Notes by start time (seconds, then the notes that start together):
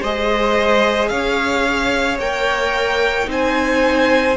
0.00 G#3 G#4 C5 D#5
1.08 C#4 C#5 F5
2.19 A#3 A#4 G5
3.24 C4 D#4 C5
3.31 G#5